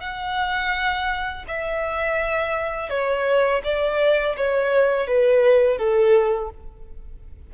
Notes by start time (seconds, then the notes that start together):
0.00 F#5
1.47 E5
2.89 C#5
3.63 D5
4.36 C#5
5.07 B4
5.77 A4